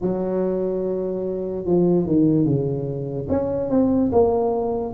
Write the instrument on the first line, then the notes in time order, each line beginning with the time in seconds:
tuba
0.01 F#3
1.65 F3
2.05 D#3
2.45 C#3
3.29 C#4
3.70 C4
4.12 A#3